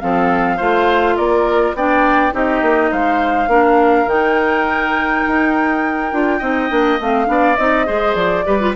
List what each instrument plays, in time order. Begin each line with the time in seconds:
0.00 bassoon F3, clarinet C4, oboe A4, flute F5
0.57 bassoon A3, clarinet F4, oboe C5
1.16 bassoon A#3, oboe A#4, flute D5
1.74 bassoon B3, clarinet D4, oboe D5, flute G5
2.32 bassoon C4, clarinet D#4, oboe G4, flute D#5
2.62 bassoon A#3
2.91 bassoon G#3, oboe C5, flute F5
3.47 bassoon A#3, clarinet D4, oboe A#4
4.07 bassoon D#3, clarinet D#4, flute G5
5.27 bassoon D#4
6.12 bassoon D4, clarinet F4
6.39 bassoon C4, clarinet D#4, oboe D#5
6.69 bassoon A#3, clarinet D4
7.00 bassoon A3, clarinet C4, flute F5
7.26 bassoon B3, clarinet D4, oboe D5
7.56 bassoon C4, clarinet D#4, flute D#5
7.86 bassoon G#3, clarinet G#4, oboe C5
8.15 bassoon F3, flute D5
8.45 bassoon G3, clarinet G4, oboe B4
8.60 clarinet F4